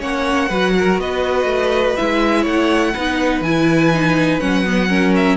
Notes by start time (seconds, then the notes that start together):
0.00 A#3 C#4 C#5 F#5
0.49 F#3 F#4 B4
0.78 A#4
0.98 B3 B4 D#5
1.45 A3
1.97 G#3 E4 E5
2.42 A3 C#5 F#5
2.94 B3 D#4 B4
3.41 E3 E4 G#5
3.94 D#4
4.40 F#3 C#4 F#5
4.65 B3
4.89 C#4 A#4
5.16 E5